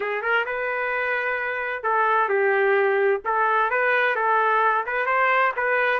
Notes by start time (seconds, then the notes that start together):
0.00 G#4
0.22 A#4
0.45 B4
1.83 A4
2.28 G4
3.24 A4
3.70 B4
4.15 A4
4.86 B4
5.06 C5
5.56 B4